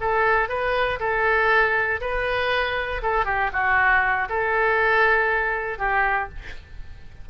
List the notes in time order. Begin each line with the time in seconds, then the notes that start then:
0.00 A4
0.48 B4
0.99 A4
2.00 B4
3.02 A4
3.25 G4
3.53 F#4
4.29 A4
5.78 G4